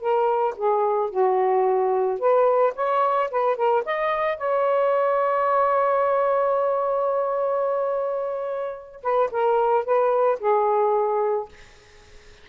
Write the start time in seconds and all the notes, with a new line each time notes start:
0.00 A#4
0.57 G#4
1.10 F#4
2.19 B4
2.75 C#5
3.31 B4
3.56 A#4
3.85 D#5
4.37 C#5
9.02 B4
9.31 A#4
9.85 B4
10.39 G#4